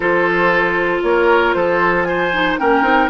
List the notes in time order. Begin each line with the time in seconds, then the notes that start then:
0.00 F3 F4 A4 C5
1.02 A#3 A#4 C#5
1.53 F3 A4 C5
2.03 C5 G#5
2.33 D#4
2.58 A#3 C#4 A#4 G5
2.81 C4 D#4